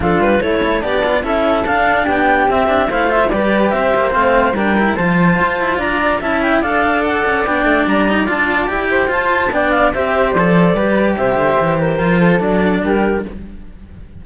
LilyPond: <<
  \new Staff \with { instrumentName = "clarinet" } { \time 4/4 \tempo 4 = 145 a'8 b'8 cis''4 d''4 e''4 | f''4 g''4 e''4 f''8 e''8 | d''4 e''4 f''4 g''4 | a''2 ais''4 a''8 g''8 |
f''4 fis''4 g''4 ais''4 | a''4 g''4 a''4 g''8 f''8 | e''4 d''2 e''4~ | e''8 c''4. d''4 ais'4 | }
  \new Staff \with { instrumentName = "flute" } { \time 4/4 f'4 e'4 d'4 a'4~ | a'4 g'2 c''4 | b'4 c''2 ais'4 | c''2 d''4 e''4 |
d''1~ | d''4. c''4. d''4 | c''2 b'4 c''4~ | c''8 ais'4 a'4. g'4 | }
  \new Staff \with { instrumentName = "cello" } { \time 4/4 d'4 a8 a'8 g'8 f'8 e'4 | d'2 c'8 d'8 e'8 f'8 | g'2 c'4 d'8 e'8 | f'2. e'4 |
a'2 d'4. dis'8 | f'4 g'4 f'4 d'4 | g'4 a'4 g'2~ | g'4 f'4 d'2 | }
  \new Staff \with { instrumentName = "cello" } { \time 4/4 f8 g8 a4 b4 cis'4 | d'4 b4 c'4 a4 | g4 c'8 ais8 a4 g4 | f4 f'8 e'8 d'4 cis'4 |
d'4. cis'8 b8 a8 g4 | d'4 e'4 f'4 b4 | c'4 f4 g4 c8 d8 | e4 f4 fis4 g4 | }
>>